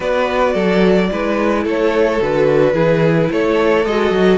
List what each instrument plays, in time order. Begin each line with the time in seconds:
0.00 cello B3, viola F#4, violin B4 D5
0.53 cello F#3, violin A4
1.09 cello G#3, viola E4, violin B4
1.63 cello A3, violin A4 C#5
2.21 cello D3, viola F#4, violin B4
2.73 cello E3, viola E4, violin G#4
3.31 cello A3, violin A4 C#5
3.85 cello G#3, viola F#4, violin D#5
4.11 cello F#3